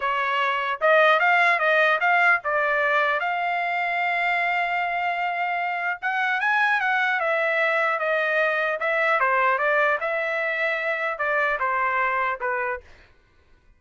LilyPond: \new Staff \with { instrumentName = "trumpet" } { \time 4/4 \tempo 4 = 150 cis''2 dis''4 f''4 | dis''4 f''4 d''2 | f''1~ | f''2. fis''4 |
gis''4 fis''4 e''2 | dis''2 e''4 c''4 | d''4 e''2. | d''4 c''2 b'4 | }